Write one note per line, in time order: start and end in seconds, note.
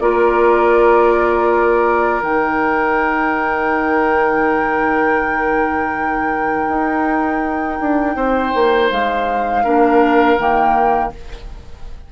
0.00 2.23 A#3
0.00 2.23 F4
0.00 8.16 A#4
0.00 2.22 D5
2.23 6.67 D#3
2.23 9.63 D#4
2.23 8.90 G5
6.68 7.79 D#4
7.81 8.16 D4
8.16 8.53 C4
8.16 9.64 C5
8.54 8.91 A#3
8.90 9.65 G#3
8.90 10.38 F5
9.64 10.38 A#3
9.64 10.38 D4
9.64 11.12 A#4
10.38 11.12 D#3
10.38 11.12 A#3
10.38 11.12 G5